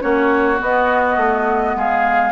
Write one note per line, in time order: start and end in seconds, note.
0.00 0.61 A#3
0.00 0.58 C#4
0.00 1.76 F#4
0.00 0.59 C#5
0.59 2.32 B3
0.59 1.17 B3
0.59 1.78 D#5
1.17 1.74 A3
1.76 2.32 G#3
1.76 2.32 G#4
1.76 2.32 F5